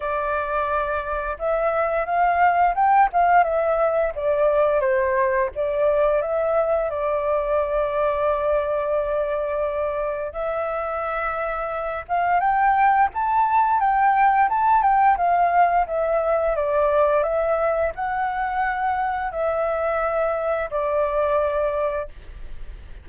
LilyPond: \new Staff \with { instrumentName = "flute" } { \time 4/4 \tempo 4 = 87 d''2 e''4 f''4 | g''8 f''8 e''4 d''4 c''4 | d''4 e''4 d''2~ | d''2. e''4~ |
e''4. f''8 g''4 a''4 | g''4 a''8 g''8 f''4 e''4 | d''4 e''4 fis''2 | e''2 d''2 | }